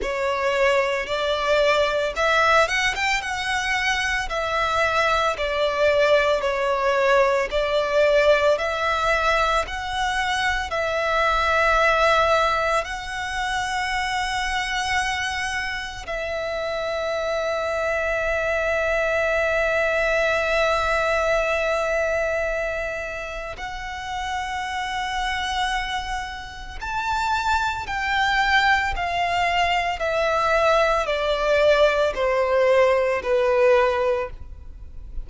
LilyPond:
\new Staff \with { instrumentName = "violin" } { \time 4/4 \tempo 4 = 56 cis''4 d''4 e''8 fis''16 g''16 fis''4 | e''4 d''4 cis''4 d''4 | e''4 fis''4 e''2 | fis''2. e''4~ |
e''1~ | e''2 fis''2~ | fis''4 a''4 g''4 f''4 | e''4 d''4 c''4 b'4 | }